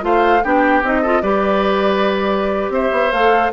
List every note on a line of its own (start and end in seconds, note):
0.00 0.43 A3
0.00 0.40 F4
0.00 0.43 C5
0.00 0.43 F5
0.43 0.82 B3
0.43 0.83 D4
0.43 1.02 G4
0.43 0.83 G5
0.82 1.22 C4
0.82 1.03 D#4
0.82 1.22 D#5
1.02 1.23 F4
1.02 1.22 A4
1.22 2.69 G3
1.22 3.12 G4
1.22 2.72 B4
1.22 2.72 D5
2.69 2.89 C4
2.69 3.52 C5
2.69 3.11 E5
2.91 3.11 B3
3.11 3.51 A3
3.11 3.52 A4
3.11 3.51 F5